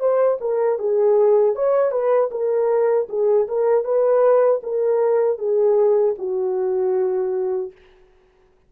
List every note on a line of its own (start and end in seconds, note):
0.00 0.38 C5
0.41 0.79 A#4
0.79 1.56 G#4
1.56 1.91 C#5
1.91 2.30 B4
2.31 3.08 A#4
3.09 3.48 G#4
3.48 3.84 A#4
3.84 4.61 B4
4.63 5.38 A#4
5.38 6.15 G#4
6.18 7.72 F#4